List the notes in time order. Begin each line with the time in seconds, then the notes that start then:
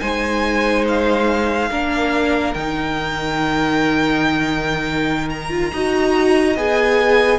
0.00 G#3 D#4 C5 G#5
0.88 F5
1.70 A#3 D4 A#4
2.54 D#3 D#4 G5
5.29 A#5
5.50 F4
5.73 D#4 F#4 D#5
6.56 B3 G#4 G#5